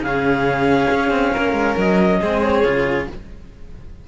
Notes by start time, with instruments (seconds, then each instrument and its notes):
0.00 cello C#3, violin G#4, clarinet F5
0.07 cello C#4
0.91 cello C#4
1.11 cello C4
1.33 cello A#3, violin A#4
1.53 cello G#3
1.78 cello F#3, clarinet D#5
2.21 cello G#3 C4, violin G#4
2.42 clarinet C#5
2.64 cello C#3 F4